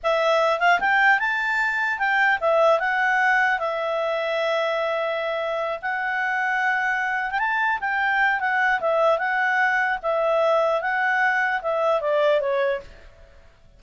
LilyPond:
\new Staff \with { instrumentName = "clarinet" } { \time 4/4 \tempo 4 = 150 e''4. f''8 g''4 a''4~ | a''4 g''4 e''4 fis''4~ | fis''4 e''2.~ | e''2~ e''8 fis''4.~ |
fis''2~ fis''16 g''16 a''4 g''8~ | g''4 fis''4 e''4 fis''4~ | fis''4 e''2 fis''4~ | fis''4 e''4 d''4 cis''4 | }